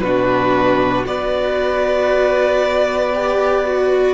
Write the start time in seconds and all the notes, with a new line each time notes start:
0.00 B2 D4 F#4 B4
1.05 B3 F#4 B4 D5
3.13 G4
3.65 F#4